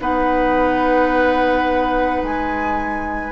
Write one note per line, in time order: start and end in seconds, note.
0.00 2.22 B3
0.00 3.32 D#4
0.00 3.32 B4
0.00 2.24 F#5
2.23 3.32 G#3
2.23 3.32 G#5